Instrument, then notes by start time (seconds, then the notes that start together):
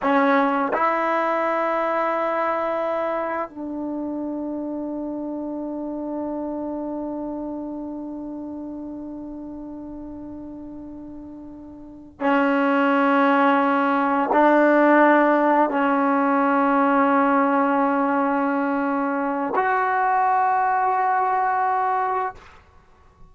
trombone
0.02 C#4
0.73 E4
3.49 D4
12.20 C#4
14.32 D4
15.69 C#4
19.55 F#4